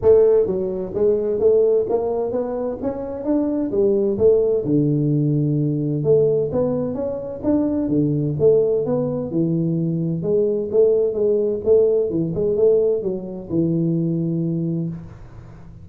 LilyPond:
\new Staff \with { instrumentName = "tuba" } { \time 4/4 \tempo 4 = 129 a4 fis4 gis4 a4 | ais4 b4 cis'4 d'4 | g4 a4 d2~ | d4 a4 b4 cis'4 |
d'4 d4 a4 b4 | e2 gis4 a4 | gis4 a4 e8 gis8 a4 | fis4 e2. | }